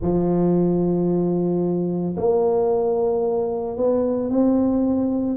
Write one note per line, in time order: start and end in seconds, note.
0.01 2.15 F3
2.16 3.76 A#3
3.76 4.30 B3
4.30 5.36 C4